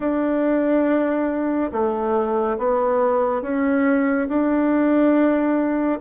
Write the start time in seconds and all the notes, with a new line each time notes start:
0.00 D4
1.71 A3
2.58 B3
3.42 C#4
4.28 D4